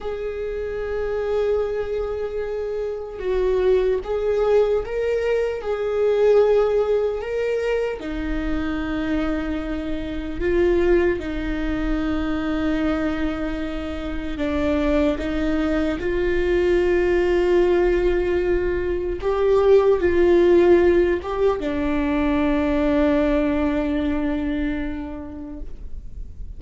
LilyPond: \new Staff \with { instrumentName = "viola" } { \time 4/4 \tempo 4 = 75 gis'1 | fis'4 gis'4 ais'4 gis'4~ | gis'4 ais'4 dis'2~ | dis'4 f'4 dis'2~ |
dis'2 d'4 dis'4 | f'1 | g'4 f'4. g'8 d'4~ | d'1 | }